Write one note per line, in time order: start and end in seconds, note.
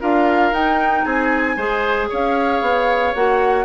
0.00 0.52 D4
0.00 0.53 F4
0.00 1.04 A#4
0.00 0.54 F5
0.52 1.04 D#4
0.52 1.57 D#4
0.52 1.04 G5
1.04 1.56 C4
1.04 1.56 G#4
1.04 2.09 G#5
1.56 2.08 G#3
1.56 3.14 G#4
1.56 2.08 C5
2.09 2.61 C#4
2.09 3.65 C#5
2.09 3.14 F5
2.61 3.13 B3
3.14 3.65 A#3
3.14 3.65 F#4
3.14 3.65 F#5